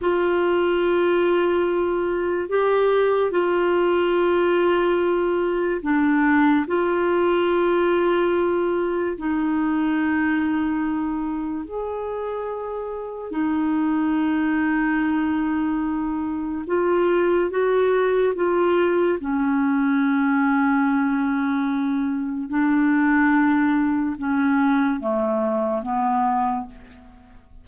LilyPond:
\new Staff \with { instrumentName = "clarinet" } { \time 4/4 \tempo 4 = 72 f'2. g'4 | f'2. d'4 | f'2. dis'4~ | dis'2 gis'2 |
dis'1 | f'4 fis'4 f'4 cis'4~ | cis'2. d'4~ | d'4 cis'4 a4 b4 | }